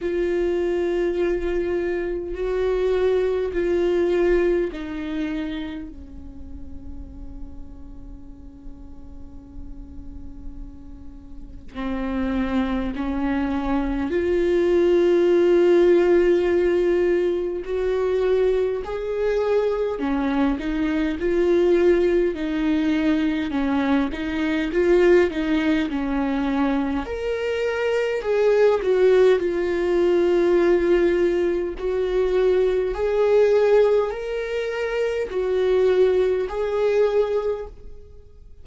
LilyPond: \new Staff \with { instrumentName = "viola" } { \time 4/4 \tempo 4 = 51 f'2 fis'4 f'4 | dis'4 cis'2.~ | cis'2 c'4 cis'4 | f'2. fis'4 |
gis'4 cis'8 dis'8 f'4 dis'4 | cis'8 dis'8 f'8 dis'8 cis'4 ais'4 | gis'8 fis'8 f'2 fis'4 | gis'4 ais'4 fis'4 gis'4 | }